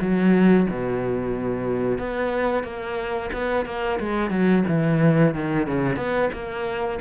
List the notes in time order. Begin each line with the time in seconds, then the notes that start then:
0.00 F#3
0.69 B2
1.98 B3
2.63 A#3
3.32 B3
3.65 A#3
3.99 G#3
4.30 F#3
4.68 E3
5.34 D#3
5.66 C#3
5.96 B3
6.32 A#3